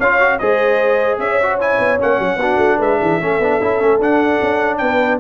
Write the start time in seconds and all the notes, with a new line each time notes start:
0.00 C#4 F4 C#5 F5
0.20 F#4
0.39 G#3 G#4 C5 D#5
1.19 C#4 C#5 E5
1.42 F#4
1.61 E4 G#5
1.79 B3
1.98 A#3 C#4 F#5
2.19 F#3
2.37 B3 D4 F#4
2.57 A3
2.78 G#3 B4 E5
3.01 E3 G#4
3.19 A3 C#4 A4
3.39 B3 D4
3.62 C#4 E4
3.80 A3 C#4
3.99 D4 F#5
4.42 C#4
4.78 B3 B4 G5